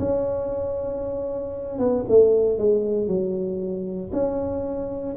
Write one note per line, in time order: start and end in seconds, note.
0.00 1.79 C#4
1.79 2.05 B3
2.09 2.59 A3
2.59 3.08 G#3
3.08 4.11 F#3
4.13 5.17 C#4